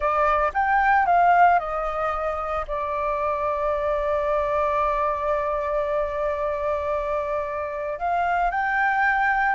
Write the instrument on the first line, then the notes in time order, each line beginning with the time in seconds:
flute
0.00 D5
0.53 G5
1.05 F5
1.59 D#5
2.67 D5
7.98 F5
8.51 G5